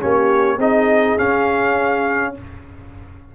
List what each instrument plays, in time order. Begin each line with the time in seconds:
0.00 tuba A#3, trombone C#4, horn G4, trumpet C#5
0.58 tuba C4, trombone D#4, horn G#4, trumpet D#5
1.18 trombone C#4, tuba C#4, trumpet F5